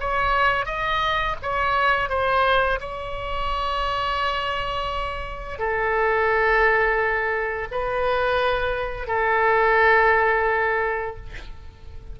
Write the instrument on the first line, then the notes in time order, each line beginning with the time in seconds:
oboe
0.00 C#5
0.66 D#5
1.42 C#5
2.09 C5
2.80 C#5
5.59 A4
7.71 B4
9.07 A4